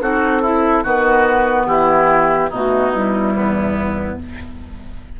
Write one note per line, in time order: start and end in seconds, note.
0.00 0.83 C4
0.00 0.42 D#4
0.00 0.41 F#4
0.00 0.84 A4
0.41 0.83 E4
0.83 1.65 D#3
0.83 2.50 B3
0.83 1.66 F#4
0.83 1.66 B4
1.65 2.49 E3
1.65 2.49 E4
1.65 2.50 G4
2.49 3.34 B2
2.49 2.92 A3
2.49 3.33 D#4
2.49 2.95 F#4
2.92 4.17 G3
2.92 4.20 E4
3.34 4.17 E2
3.34 4.19 B3